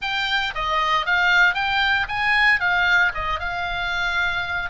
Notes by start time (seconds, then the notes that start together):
0.01 G5
0.54 D#5
1.06 F5
1.54 G5
2.08 G#5
2.59 F5
3.14 D#5
3.39 F5